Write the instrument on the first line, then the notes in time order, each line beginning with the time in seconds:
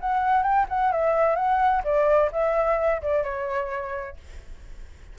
flute
0.00 F#5
0.42 G5
0.69 F#5
0.92 E5
1.36 F#5
1.84 D5
2.32 E5
3.01 D5
3.23 C#5